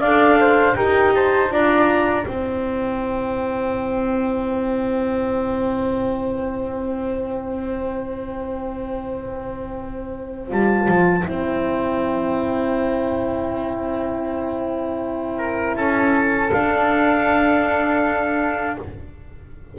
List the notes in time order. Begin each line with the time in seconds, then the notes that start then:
0.00 D4 A4 D5 F5
0.40 C5
0.75 D#4 G4 A#4 G5
1.14 C5 A5
1.50 D4 F4 D5 A#5
2.24 C4 E4 C5 G5
10.47 G3 F4 A5
10.88 F3
11.25 C4 E4 G5
15.37 A#4
15.75 C#4 A4 A5
16.51 D4 F5